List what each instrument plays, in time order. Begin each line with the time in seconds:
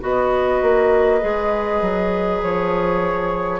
0.00 bassoon B3, clarinet F#4, oboe B4, flute D#5
0.62 bassoon A#3
1.20 bassoon G#3, clarinet G#4
1.81 bassoon F#3
2.42 bassoon F3, flute C#5